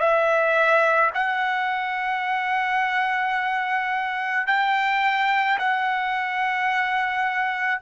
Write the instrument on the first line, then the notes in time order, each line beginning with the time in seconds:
trumpet
0.00 E5
1.14 F#5
4.47 G5
5.59 F#5